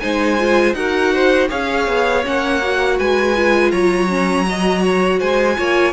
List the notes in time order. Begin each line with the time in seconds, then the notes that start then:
0.00 G#3 D#4 C5 G#5
0.39 F4
0.74 D#4 F#4 A#4 F#5
1.14 C5
1.49 C#4 G#4 C#5 F5
1.88 B3
2.24 A#3 C#4 F#5
2.63 F#4
2.98 G#3 B4 G#5
3.36 F4
3.71 F#3 C#5 A#5
4.09 C#4
4.46 F#4 D#5
4.83 C#5
5.20 G#3 C5 G#5
5.57 A#3 F4 C#5